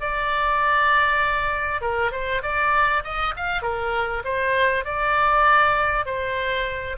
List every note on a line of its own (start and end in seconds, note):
0.00 1.81 D5
1.81 2.11 A#4
2.11 2.42 C5
2.42 3.02 D5
3.04 3.34 D#5
3.36 3.62 F5
3.62 4.22 A#4
4.24 4.84 C5
4.84 6.06 D5
6.06 6.96 C5